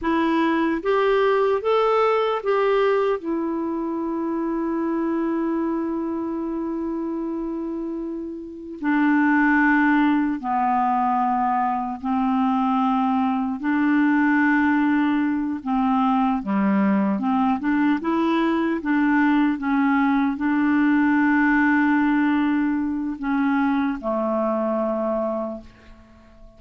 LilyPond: \new Staff \with { instrumentName = "clarinet" } { \time 4/4 \tempo 4 = 75 e'4 g'4 a'4 g'4 | e'1~ | e'2. d'4~ | d'4 b2 c'4~ |
c'4 d'2~ d'8 c'8~ | c'8 g4 c'8 d'8 e'4 d'8~ | d'8 cis'4 d'2~ d'8~ | d'4 cis'4 a2 | }